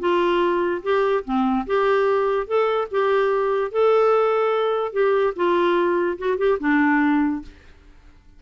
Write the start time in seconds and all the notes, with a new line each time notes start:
0.00 F4
0.83 G4
1.25 C4
1.67 G4
2.47 A4
2.91 G4
3.71 A4
4.93 G4
5.36 F4
6.18 F#4
6.38 G4
6.60 D4